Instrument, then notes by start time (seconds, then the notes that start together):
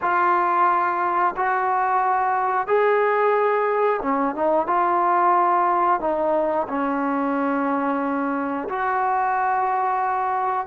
trombone
0.02 F4
1.36 F#4
2.67 G#4
4.02 C#4
4.35 D#4
4.67 F4
6.00 D#4
6.68 C#4
8.68 F#4